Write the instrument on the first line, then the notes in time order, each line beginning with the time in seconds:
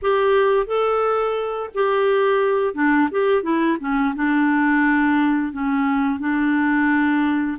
clarinet
0.02 G4
0.66 A4
1.74 G4
2.74 D4
3.11 G4
3.43 E4
3.79 C#4
4.15 D4
5.52 C#4
6.19 D4